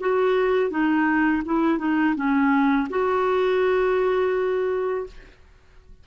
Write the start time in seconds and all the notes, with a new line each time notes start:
0.00 F#4
0.70 D#4
1.46 E4
1.78 D#4
2.16 C#4
2.90 F#4